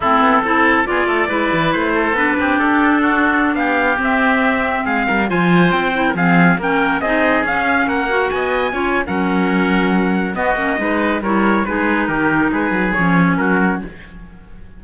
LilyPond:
<<
  \new Staff \with { instrumentName = "trumpet" } { \time 4/4 \tempo 4 = 139 a'2 d''2 | c''4 b'4 a'2~ | a'16 f''4 e''2 f''8.~ | f''16 gis''4 g''4 f''4 g''8.~ |
g''16 dis''4 f''4 fis''4 gis''8.~ | gis''4 fis''2. | dis''2 cis''4 b'4 | ais'4 b'4 cis''4 ais'4 | }
  \new Staff \with { instrumentName = "oboe" } { \time 4/4 e'4 a'4 gis'8 a'8 b'4~ | b'8 a'4 g'4. fis'4~ | fis'16 g'2. gis'8 ais'16~ | ais'16 c''4.~ c''16 ais'16 gis'4 ais'8.~ |
ais'16 gis'2 ais'4 dis''8.~ | dis''16 cis''8. ais'2. | fis'4 b'4 ais'4 gis'4 | g'4 gis'2 fis'4 | }
  \new Staff \with { instrumentName = "clarinet" } { \time 4/4 c'4 e'4 f'4 e'4~ | e'4 d'2.~ | d'4~ d'16 c'2~ c'8.~ | c'16 f'4. e'8 c'4 cis'8.~ |
cis'16 dis'4 cis'4. fis'4~ fis'16~ | fis'16 f'8. cis'2. | b8 cis'8 dis'4 e'4 dis'4~ | dis'2 cis'2 | }
  \new Staff \with { instrumentName = "cello" } { \time 4/4 a8 b8 c'4 b8 a8 gis8 e8 | a4 b8 c'8 d'2~ | d'16 b4 c'2 gis8 g16~ | g16 f4 c'4 f4 ais8.~ |
ais16 c'4 cis'4 ais4 b8.~ | b16 cis'8. fis2. | b8 ais8 gis4 g4 gis4 | dis4 gis8 fis8 f4 fis4 | }
>>